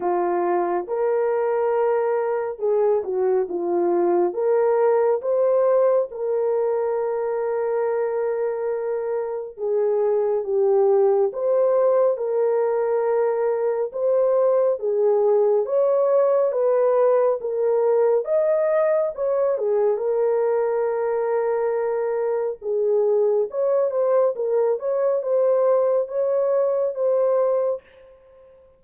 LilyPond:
\new Staff \with { instrumentName = "horn" } { \time 4/4 \tempo 4 = 69 f'4 ais'2 gis'8 fis'8 | f'4 ais'4 c''4 ais'4~ | ais'2. gis'4 | g'4 c''4 ais'2 |
c''4 gis'4 cis''4 b'4 | ais'4 dis''4 cis''8 gis'8 ais'4~ | ais'2 gis'4 cis''8 c''8 | ais'8 cis''8 c''4 cis''4 c''4 | }